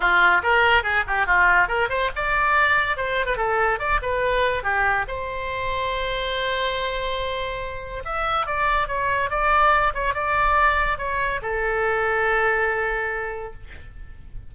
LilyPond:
\new Staff \with { instrumentName = "oboe" } { \time 4/4 \tempo 4 = 142 f'4 ais'4 gis'8 g'8 f'4 | ais'8 c''8 d''2 c''8. b'16 | a'4 d''8 b'4. g'4 | c''1~ |
c''2. e''4 | d''4 cis''4 d''4. cis''8 | d''2 cis''4 a'4~ | a'1 | }